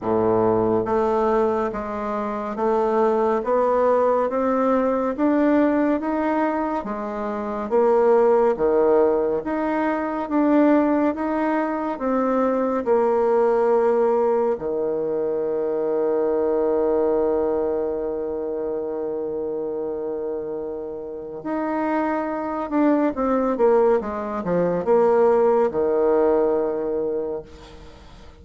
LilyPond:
\new Staff \with { instrumentName = "bassoon" } { \time 4/4 \tempo 4 = 70 a,4 a4 gis4 a4 | b4 c'4 d'4 dis'4 | gis4 ais4 dis4 dis'4 | d'4 dis'4 c'4 ais4~ |
ais4 dis2.~ | dis1~ | dis4 dis'4. d'8 c'8 ais8 | gis8 f8 ais4 dis2 | }